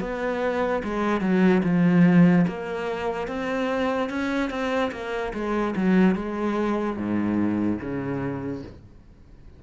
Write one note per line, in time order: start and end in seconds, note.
0.00 0.82 B3
0.84 1.21 G#3
1.21 1.62 F#3
1.64 2.46 F3
2.47 3.28 A#3
3.28 4.09 C4
4.09 4.50 C#4
4.50 4.91 C4
4.92 5.33 A#3
5.33 5.75 G#3
5.76 6.15 F#3
6.15 6.97 G#3
6.97 7.79 G#2
7.81 8.63 C#3